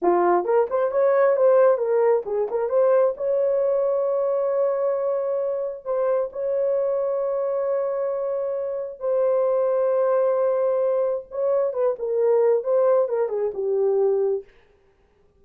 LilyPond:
\new Staff \with { instrumentName = "horn" } { \time 4/4 \tempo 4 = 133 f'4 ais'8 c''8 cis''4 c''4 | ais'4 gis'8 ais'8 c''4 cis''4~ | cis''1~ | cis''4 c''4 cis''2~ |
cis''1 | c''1~ | c''4 cis''4 b'8 ais'4. | c''4 ais'8 gis'8 g'2 | }